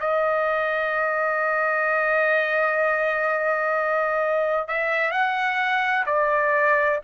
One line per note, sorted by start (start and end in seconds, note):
0.00 4.68 D#5
4.68 5.11 E5
5.11 6.05 F#5
6.06 7.00 D5